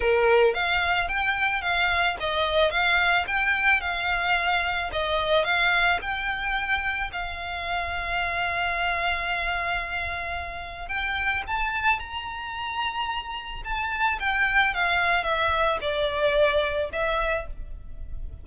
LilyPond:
\new Staff \with { instrumentName = "violin" } { \time 4/4 \tempo 4 = 110 ais'4 f''4 g''4 f''4 | dis''4 f''4 g''4 f''4~ | f''4 dis''4 f''4 g''4~ | g''4 f''2.~ |
f''1 | g''4 a''4 ais''2~ | ais''4 a''4 g''4 f''4 | e''4 d''2 e''4 | }